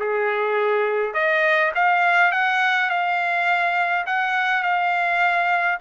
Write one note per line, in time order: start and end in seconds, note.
0.00 1.14 G#4
1.14 1.72 D#5
1.75 2.32 F5
2.32 2.90 F#5
2.90 4.05 F5
4.06 4.63 F#5
4.63 5.78 F5